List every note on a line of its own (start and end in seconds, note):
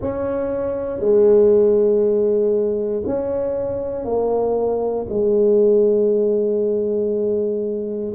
0.01 0.99 C#4
0.99 3.02 G#3
3.06 4.04 C#4
4.04 5.06 A#3
5.08 8.14 G#3